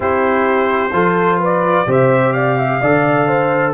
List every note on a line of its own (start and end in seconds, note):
0.00 0.91 C4
0.00 0.90 E4
0.00 0.93 G4
0.00 1.42 C5
0.92 1.86 F3
0.92 1.86 F4
0.92 1.39 A4
1.39 1.86 B4
1.39 1.91 D5
1.86 2.80 C3
1.86 2.80 G4
1.86 2.34 C5
1.86 2.32 E5
2.32 2.57 D5
2.32 3.73 F5
2.58 2.81 E5
2.81 3.73 D3
2.81 3.73 A4
2.81 3.27 D5
3.27 3.73 C5